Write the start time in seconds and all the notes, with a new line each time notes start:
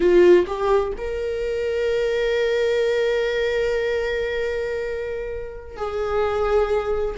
0.00 F4
0.46 G4
0.97 A#4
5.76 G#4